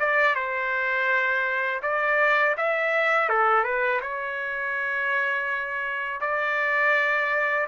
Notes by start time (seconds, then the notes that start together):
0.00 D5
0.35 C5
1.83 D5
2.57 E5
3.30 A4
3.64 B4
4.02 C#5
6.21 D5